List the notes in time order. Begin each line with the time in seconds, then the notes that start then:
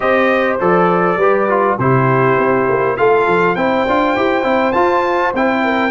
0.00 C4 G4 C5 D#5
0.60 F3 A4 D5
1.16 G3 G4 B4
1.49 F4
1.78 C3 E4 G4 C5
2.37 C4
2.68 A#3
2.96 A3 F4 A4 F5
3.27 F3
3.55 C4 E4 C5 G5
3.86 D4 F4
4.16 E4 G4
4.43 C4 E4
4.72 F4 A5
5.34 C4 E4 G5
5.64 A#4